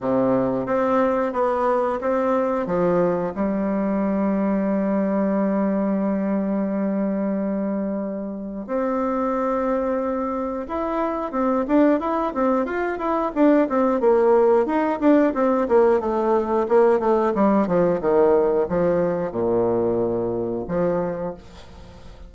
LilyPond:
\new Staff \with { instrumentName = "bassoon" } { \time 4/4 \tempo 4 = 90 c4 c'4 b4 c'4 | f4 g2.~ | g1~ | g4 c'2. |
e'4 c'8 d'8 e'8 c'8 f'8 e'8 | d'8 c'8 ais4 dis'8 d'8 c'8 ais8 | a4 ais8 a8 g8 f8 dis4 | f4 ais,2 f4 | }